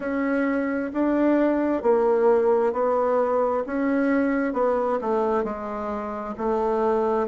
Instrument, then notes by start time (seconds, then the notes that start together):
bassoon
0.00 C#4
0.93 D4
1.82 A#3
2.72 B3
3.66 C#4
4.53 B3
5.01 A3
5.43 G#3
6.37 A3